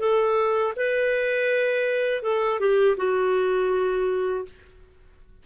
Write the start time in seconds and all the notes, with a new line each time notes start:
0.00 A4
0.76 B4
2.23 A4
2.60 G4
2.97 F#4